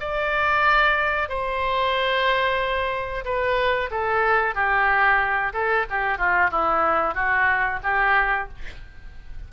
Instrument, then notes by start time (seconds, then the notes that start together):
oboe
0.00 D5
1.29 C5
3.25 B4
3.91 A4
4.55 G4
5.53 A4
5.90 G4
6.18 F4
6.51 E4
7.14 F#4
7.83 G4